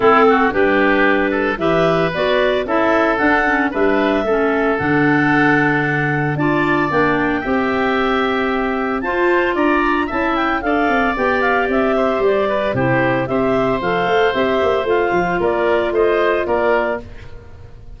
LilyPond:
<<
  \new Staff \with { instrumentName = "clarinet" } { \time 4/4 \tempo 4 = 113 a'4 b'2 e''4 | d''4 e''4 fis''4 e''4~ | e''4 fis''2. | a''4 g''2.~ |
g''4 a''4 ais''4 a''8 g''8 | f''4 g''8 f''8 e''4 d''4 | c''4 e''4 f''4 e''4 | f''4 d''4 dis''4 d''4 | }
  \new Staff \with { instrumentName = "oboe" } { \time 4/4 e'8 fis'8 g'4. a'8 b'4~ | b'4 a'2 b'4 | a'1 | d''2 e''2~ |
e''4 c''4 d''4 e''4 | d''2~ d''8 c''4 b'8 | g'4 c''2.~ | c''4 ais'4 c''4 ais'4 | }
  \new Staff \with { instrumentName = "clarinet" } { \time 4/4 c'4 d'2 g'4 | fis'4 e'4 d'8 cis'8 d'4 | cis'4 d'2. | f'4 d'4 g'2~ |
g'4 f'2 e'4 | a'4 g'2. | e'4 g'4 a'4 g'4 | f'1 | }
  \new Staff \with { instrumentName = "tuba" } { \time 4/4 a4 g2 e4 | b4 cis'4 d'4 g4 | a4 d2. | d'4 ais4 c'2~ |
c'4 f'4 d'4 cis'4 | d'8 c'8 b4 c'4 g4 | c4 c'4 f8 a8 c'8 ais8 | a8 f8 ais4 a4 ais4 | }
>>